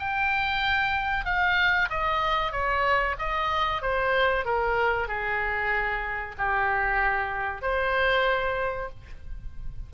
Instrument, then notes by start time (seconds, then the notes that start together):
oboe
0.00 G5
1.26 F5
1.90 D#5
2.52 C#5
3.19 D#5
3.82 C5
4.45 A#4
5.08 G#4
6.38 G4
7.62 C5